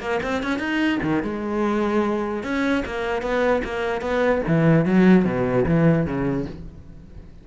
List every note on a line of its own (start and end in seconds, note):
0.00 0.20 A#3
0.23 0.43 C4
0.43 0.59 C#4
0.59 1.00 D#4
1.03 1.23 D#3
1.23 2.44 G#3
2.44 2.84 C#4
2.86 3.22 A#3
3.22 3.62 B3
3.64 4.02 A#3
4.02 4.42 B3
4.48 4.85 E3
4.85 5.25 F#3
5.25 5.65 B2
5.66 6.06 E3
6.06 6.46 C#3